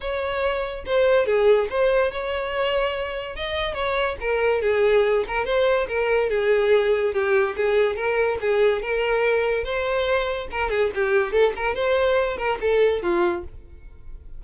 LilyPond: \new Staff \with { instrumentName = "violin" } { \time 4/4 \tempo 4 = 143 cis''2 c''4 gis'4 | c''4 cis''2. | dis''4 cis''4 ais'4 gis'4~ | gis'8 ais'8 c''4 ais'4 gis'4~ |
gis'4 g'4 gis'4 ais'4 | gis'4 ais'2 c''4~ | c''4 ais'8 gis'8 g'4 a'8 ais'8 | c''4. ais'8 a'4 f'4 | }